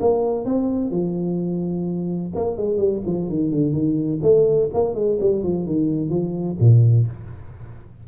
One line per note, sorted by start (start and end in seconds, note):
0.00 0.45 A#3
0.45 0.90 C4
0.90 2.32 F3
2.35 2.57 A#3
2.57 2.77 G#3
2.77 3.01 G3
3.06 3.29 F3
3.29 3.51 D#3
3.51 3.73 D3
3.73 4.20 D#3
4.22 4.69 A3
4.73 4.94 A#3
4.94 5.18 G#3
5.20 5.43 G3
5.43 5.66 F3
5.66 6.09 D#3
6.09 6.56 F3
6.60 7.07 A#2